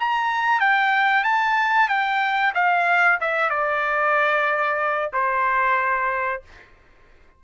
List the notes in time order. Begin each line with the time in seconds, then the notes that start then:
0.00 A#5
0.60 G5
1.24 A5
1.89 G5
2.55 F5
3.21 E5
3.50 D5
5.13 C5